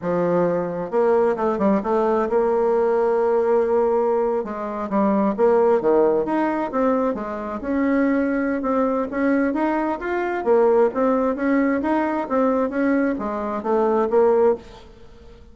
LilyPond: \new Staff \with { instrumentName = "bassoon" } { \time 4/4 \tempo 4 = 132 f2 ais4 a8 g8 | a4 ais2.~ | ais4.~ ais16 gis4 g4 ais16~ | ais8. dis4 dis'4 c'4 gis16~ |
gis8. cis'2~ cis'16 c'4 | cis'4 dis'4 f'4 ais4 | c'4 cis'4 dis'4 c'4 | cis'4 gis4 a4 ais4 | }